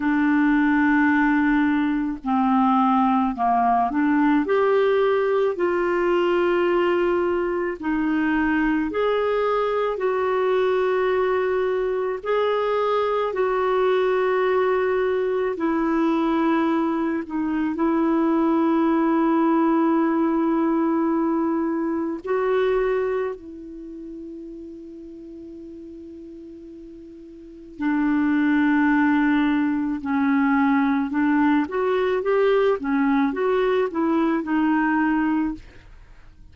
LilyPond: \new Staff \with { instrumentName = "clarinet" } { \time 4/4 \tempo 4 = 54 d'2 c'4 ais8 d'8 | g'4 f'2 dis'4 | gis'4 fis'2 gis'4 | fis'2 e'4. dis'8 |
e'1 | fis'4 e'2.~ | e'4 d'2 cis'4 | d'8 fis'8 g'8 cis'8 fis'8 e'8 dis'4 | }